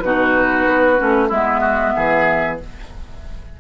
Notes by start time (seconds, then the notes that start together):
0.00 B2 D#4 F#4 B4
0.66 B3
0.97 A3 C#4
1.28 G#3 B3 E4 E5
1.61 F#4
1.96 E3 G#4